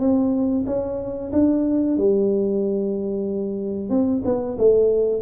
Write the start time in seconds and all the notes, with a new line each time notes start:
0.00 C4
0.67 C#4
1.33 D4
1.98 G3
3.90 C4
4.25 B3
4.59 A3